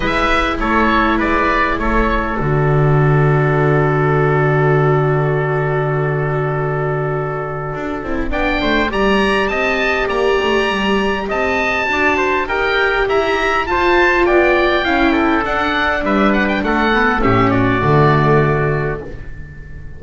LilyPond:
<<
  \new Staff \with { instrumentName = "oboe" } { \time 4/4 \tempo 4 = 101 e''4 cis''4 d''4 cis''4 | d''1~ | d''1~ | d''2 g''4 ais''4 |
a''4 ais''2 a''4~ | a''4 g''4 ais''4 a''4 | g''2 fis''4 e''8 fis''16 g''16 | fis''4 e''8 d''2~ d''8 | }
  \new Staff \with { instrumentName = "trumpet" } { \time 4/4 b'4 a'4 b'4 a'4~ | a'1~ | a'1~ | a'2 d''8 c''8 d''4 |
dis''4 d''2 dis''4 | d''8 c''8 ais'4 e''4 c''4 | d''4 f''8 a'4. b'4 | a'4 g'8 fis'2~ fis'8 | }
  \new Staff \with { instrumentName = "viola" } { \time 4/4 e'1 | fis'1~ | fis'1~ | fis'4. e'8 d'4 g'4~ |
g'1 | fis'4 g'2 f'4~ | f'4 e'4 d'2~ | d'8 b8 cis'4 a2 | }
  \new Staff \with { instrumentName = "double bass" } { \time 4/4 gis4 a4 gis4 a4 | d1~ | d1~ | d4 d'8 c'8 b8 a8 g4 |
c'4 ais8 a8 g4 c'4 | d'4 dis'4 e'4 f'4 | b4 cis'4 d'4 g4 | a4 a,4 d2 | }
>>